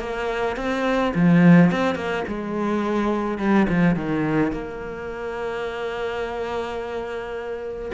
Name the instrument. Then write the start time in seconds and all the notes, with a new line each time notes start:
cello
0.00 A#3
0.57 C4
1.15 F3
1.72 C4
1.96 A#3
2.28 G#3
3.39 G3
3.69 F3
3.96 D#3
4.52 A#3